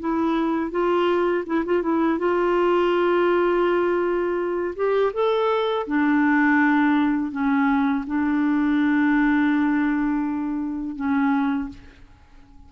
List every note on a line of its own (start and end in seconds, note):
0.00 0.71 E4
0.71 1.44 F4
1.46 1.64 E4
1.65 1.82 F4
1.82 2.19 E4
2.19 4.75 F4
4.76 5.12 G4
5.13 5.86 A4
5.87 7.31 D4
7.31 8.05 C#4
8.07 10.96 D4
10.96 11.69 C#4